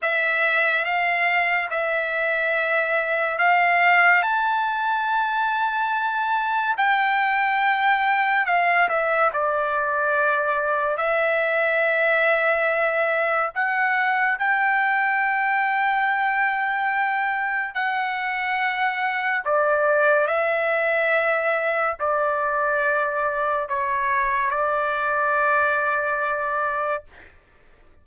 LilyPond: \new Staff \with { instrumentName = "trumpet" } { \time 4/4 \tempo 4 = 71 e''4 f''4 e''2 | f''4 a''2. | g''2 f''8 e''8 d''4~ | d''4 e''2. |
fis''4 g''2.~ | g''4 fis''2 d''4 | e''2 d''2 | cis''4 d''2. | }